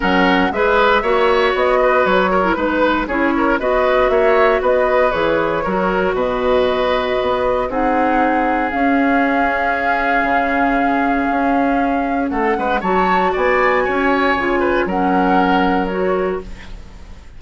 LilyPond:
<<
  \new Staff \with { instrumentName = "flute" } { \time 4/4 \tempo 4 = 117 fis''4 e''2 dis''4 | cis''4 b'4 cis''4 dis''4 | e''4 dis''4 cis''2 | dis''2. fis''4~ |
fis''4 f''2.~ | f''1 | fis''4 a''4 gis''2~ | gis''4 fis''2 cis''4 | }
  \new Staff \with { instrumentName = "oboe" } { \time 4/4 ais'4 b'4 cis''4. b'8~ | b'8 ais'8 b'4 gis'8 ais'8 b'4 | cis''4 b'2 ais'4 | b'2. gis'4~ |
gis'1~ | gis'1 | a'8 b'8 cis''4 d''4 cis''4~ | cis''8 b'8 ais'2. | }
  \new Staff \with { instrumentName = "clarinet" } { \time 4/4 cis'4 gis'4 fis'2~ | fis'8. e'16 dis'4 e'4 fis'4~ | fis'2 gis'4 fis'4~ | fis'2. dis'4~ |
dis'4 cis'2.~ | cis'1~ | cis'4 fis'2. | f'4 cis'2 fis'4 | }
  \new Staff \with { instrumentName = "bassoon" } { \time 4/4 fis4 gis4 ais4 b4 | fis4 gis4 cis'4 b4 | ais4 b4 e4 fis4 | b,2 b4 c'4~ |
c'4 cis'2. | cis2 cis'2 | a8 gis8 fis4 b4 cis'4 | cis4 fis2. | }
>>